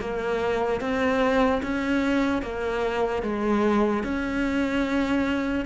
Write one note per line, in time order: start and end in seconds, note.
0.00 0.80 A#3
0.80 1.61 C4
1.63 2.42 C#4
2.42 3.22 A#3
3.22 4.03 G#3
4.03 5.65 C#4